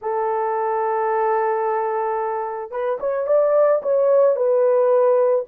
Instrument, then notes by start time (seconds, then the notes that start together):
horn
0.01 A4
2.71 B4
3.00 C#5
3.27 D5
3.82 C#5
4.35 B4